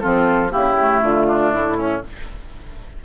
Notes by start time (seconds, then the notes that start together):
0.00 F3 C4 F4 A4
0.49 C#3 A#3 E4 G4
0.79 A3
1.02 D3 F4
1.27 D4
1.52 A2 E4
1.77 C#4